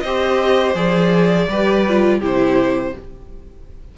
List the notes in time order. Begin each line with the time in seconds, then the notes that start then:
0.00 C4 C5 D#5
0.06 G4
0.75 F3 G#4 D5
1.49 G3 G4 B4
1.89 F4
2.19 C3 E4 G4
2.25 C5